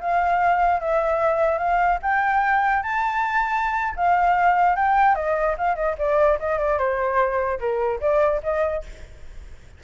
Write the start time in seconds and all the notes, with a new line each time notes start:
0.00 F5
0.80 E5
1.58 F5
2.02 G5
2.82 A5
3.96 F5
4.76 G5
5.15 D#5
5.58 F5
5.75 D#5
5.98 D5
6.39 D#5
6.59 D5
6.78 C5
7.59 A#4
8.00 D5
8.43 D#5